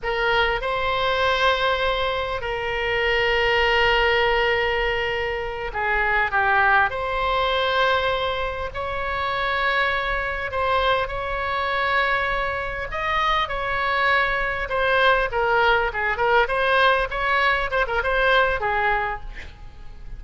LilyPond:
\new Staff \with { instrumentName = "oboe" } { \time 4/4 \tempo 4 = 100 ais'4 c''2. | ais'1~ | ais'4. gis'4 g'4 c''8~ | c''2~ c''8 cis''4.~ |
cis''4. c''4 cis''4.~ | cis''4. dis''4 cis''4.~ | cis''8 c''4 ais'4 gis'8 ais'8 c''8~ | c''8 cis''4 c''16 ais'16 c''4 gis'4 | }